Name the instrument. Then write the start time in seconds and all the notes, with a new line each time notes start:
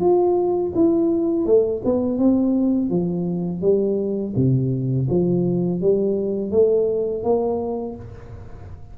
tuba
0.00 F4
0.75 E4
1.46 A3
1.84 B3
2.18 C4
2.90 F3
3.61 G3
4.35 C3
5.09 F3
5.81 G3
6.51 A3
7.23 A#3